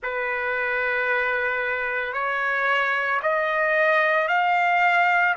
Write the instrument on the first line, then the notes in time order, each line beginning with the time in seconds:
trumpet
0.02 B4
2.13 C#5
3.22 D#5
4.28 F5